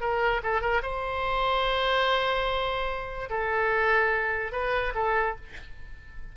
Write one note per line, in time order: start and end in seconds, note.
0.00 0.41 A#4
0.43 0.61 A4
0.61 0.81 A#4
0.82 3.29 C5
3.29 4.52 A4
4.52 4.93 B4
4.94 5.35 A4